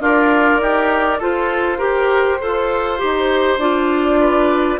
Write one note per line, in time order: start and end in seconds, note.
0.00 0.60 D4
0.00 0.61 F4
0.00 1.21 A#4
0.00 1.21 D5
0.60 1.20 D#4
0.60 1.18 G4
1.18 1.80 F4
1.18 1.78 F4
1.18 1.78 A4
1.18 3.59 C5
1.78 2.38 G4
1.78 2.41 G4
1.78 2.38 A#4
2.40 3.02 F4
2.40 2.98 A4
2.40 4.20 C5
2.98 3.58 D#4
2.98 3.58 G4
3.58 4.78 D4
3.58 4.79 F4
3.58 4.79 D5
4.20 4.79 B4